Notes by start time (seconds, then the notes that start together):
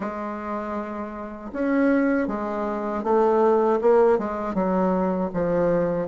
0.00 G#3
1.53 C#4
2.27 G#3
3.03 A3
3.81 A#3
4.18 G#3
4.54 F#3
5.33 F3